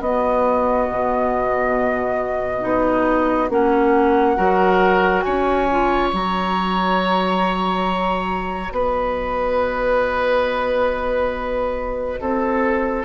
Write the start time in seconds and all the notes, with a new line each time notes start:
0.00 B3 F#4 D#5
0.90 B2
2.61 B3 D#4
3.50 A#3 C#4 F#5
4.37 F#3 F#4 A#4
5.22 C#4 C#5 G#5
5.71 F4
6.13 F#3 F#4 A#5
8.71 B3 B4 D#5
12.20 C4 A4